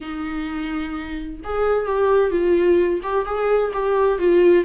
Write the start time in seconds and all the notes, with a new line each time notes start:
0.00 D#4
1.44 G#4
1.86 G4
2.30 F4
3.02 G4
3.25 G#4
3.73 G4
4.19 F4